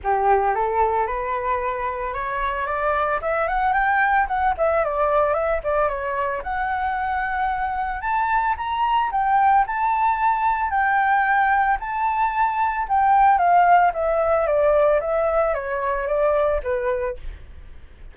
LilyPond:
\new Staff \with { instrumentName = "flute" } { \time 4/4 \tempo 4 = 112 g'4 a'4 b'2 | cis''4 d''4 e''8 fis''8 g''4 | fis''8 e''8 d''4 e''8 d''8 cis''4 | fis''2. a''4 |
ais''4 g''4 a''2 | g''2 a''2 | g''4 f''4 e''4 d''4 | e''4 cis''4 d''4 b'4 | }